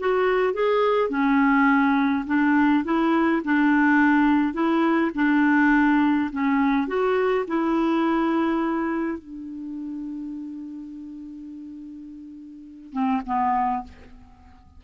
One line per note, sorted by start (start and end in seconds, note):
0.00 0.54 F#4
0.54 1.10 G#4
1.10 2.25 C#4
2.27 2.85 D4
2.85 3.42 E4
3.44 4.54 D4
4.54 5.11 E4
5.15 6.30 D4
6.32 6.88 C#4
6.88 7.45 F#4
7.48 9.19 E4
9.19 12.93 D4
12.93 13.22 C4
13.26 13.84 B3